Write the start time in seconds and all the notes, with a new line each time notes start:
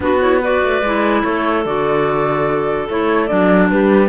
0.00 B3 D4 F#4 B4
0.20 E4 C#5
0.40 F#4 B4 D5
0.62 A3
0.82 G#3 E4
1.23 A3 A4 C#5
1.65 D3 F#4 D5
2.89 A3 E4 C#5
3.26 F#3 D4 D5
3.69 G3 G4 B4